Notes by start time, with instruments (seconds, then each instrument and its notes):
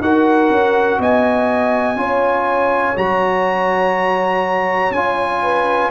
0.00 tuba D#4, trombone F#4, horn A#4, trumpet F#5
0.49 tuba C#4
0.99 tuba B3, horn D#5, trumpet G#5
1.95 tuba C#4, trombone F4, horn C#5
2.95 tuba F#3, trombone F#4, trumpet A#5
4.90 tuba C#4, trombone F4, trumpet G#5
5.42 horn B4